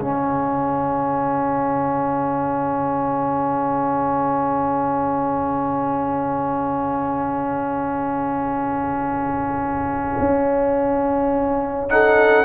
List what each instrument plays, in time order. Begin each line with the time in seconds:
0.00 tuba C#3, trombone C#4, horn G#4, trumpet F5
10.20 tuba C#4
11.90 trombone D#4, horn A4, trumpet F#5